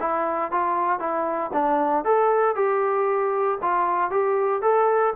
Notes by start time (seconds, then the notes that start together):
0.00 E4
0.51 F4
1.00 E4
1.53 D4
2.05 A4
2.56 G4
3.62 F4
4.11 G4
4.62 A4